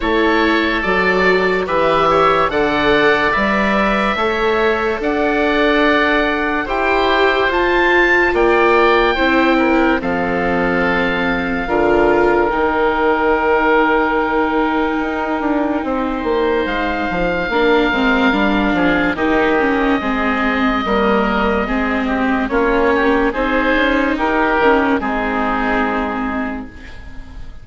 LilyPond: <<
  \new Staff \with { instrumentName = "oboe" } { \time 4/4 \tempo 4 = 72 cis''4 d''4 e''4 fis''4 | e''2 fis''2 | g''4 a''4 g''2 | f''2. g''4~ |
g''1 | f''2. dis''4~ | dis''2. cis''4 | c''4 ais'4 gis'2 | }
  \new Staff \with { instrumentName = "oboe" } { \time 4/4 a'2 b'8 cis''8 d''4~ | d''4 cis''4 d''2 | c''2 d''4 c''8 ais'8 | a'2 ais'2~ |
ais'2. c''4~ | c''4 ais'4. gis'8 g'4 | gis'4 ais'4 gis'8 g'8 f'8 g'8 | gis'4 g'4 dis'2 | }
  \new Staff \with { instrumentName = "viola" } { \time 4/4 e'4 fis'4 g'4 a'4 | b'4 a'2. | g'4 f'2 e'4 | c'2 f'4 dis'4~ |
dis'1~ | dis'4 d'8 c'8 d'4 dis'8 cis'8 | c'4 ais4 c'4 cis'4 | dis'4. cis'8 c'2 | }
  \new Staff \with { instrumentName = "bassoon" } { \time 4/4 a4 fis4 e4 d4 | g4 a4 d'2 | e'4 f'4 ais4 c'4 | f2 d4 dis4~ |
dis2 dis'8 d'8 c'8 ais8 | gis8 f8 ais8 gis8 g8 f8 dis4 | gis4 g4 gis4 ais4 | c'8 cis'8 dis'8 dis8 gis2 | }
>>